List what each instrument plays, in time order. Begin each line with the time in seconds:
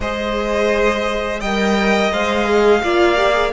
0.00 cello G#3, viola G#4, violin C5 D#5
1.40 cello G3, viola A#4, violin D#5 G5
2.11 cello G#3, viola C5, violin F5
2.45 viola G#4
2.83 cello A#3, viola F4, violin D5
3.16 viola G4
3.32 viola G#4